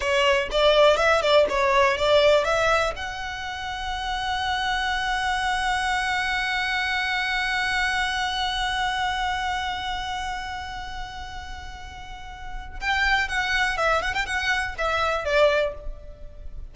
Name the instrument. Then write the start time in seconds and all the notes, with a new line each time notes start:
violin
0.00 C#5
0.51 D5
0.97 E5
1.21 D5
1.49 C#5
1.97 D5
2.44 E5
2.96 F#5
12.80 G5
13.28 F#5
13.77 E5
14.02 F#5
14.13 G5
14.26 F#5
14.78 E5
15.24 D5